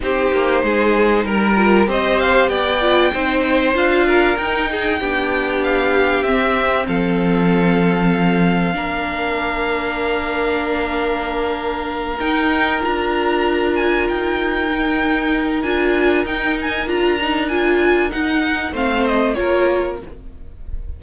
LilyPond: <<
  \new Staff \with { instrumentName = "violin" } { \time 4/4 \tempo 4 = 96 c''2 ais'4 dis''8 f''8 | g''2 f''4 g''4~ | g''4 f''4 e''4 f''4~ | f''1~ |
f''2.~ f''8 g''8~ | g''8 ais''4. gis''8 g''4.~ | g''4 gis''4 g''8 gis''8 ais''4 | gis''4 fis''4 f''8 dis''8 cis''4 | }
  \new Staff \with { instrumentName = "violin" } { \time 4/4 g'4 gis'4 ais'4 c''4 | d''4 c''4. ais'4 gis'8 | g'2. a'4~ | a'2 ais'2~ |
ais'1~ | ais'1~ | ais'1~ | ais'2 c''4 ais'4 | }
  \new Staff \with { instrumentName = "viola" } { \time 4/4 dis'2~ dis'8 f'8 g'4~ | g'8 f'8 dis'4 f'4 dis'4 | d'2 c'2~ | c'2 d'2~ |
d'2.~ d'8 dis'8~ | dis'8 f'2. dis'8~ | dis'4 f'4 dis'4 f'8 dis'8 | f'4 dis'4 c'4 f'4 | }
  \new Staff \with { instrumentName = "cello" } { \time 4/4 c'8 ais8 gis4 g4 c'4 | b4 c'4 d'4 dis'4 | b2 c'4 f4~ | f2 ais2~ |
ais2.~ ais8 dis'8~ | dis'8 d'2 dis'4.~ | dis'4 d'4 dis'4 d'4~ | d'4 dis'4 a4 ais4 | }
>>